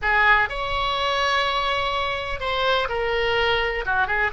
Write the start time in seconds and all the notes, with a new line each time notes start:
0.02 G#4
0.49 C#5
2.40 C5
2.88 A#4
3.85 F#4
4.07 G#4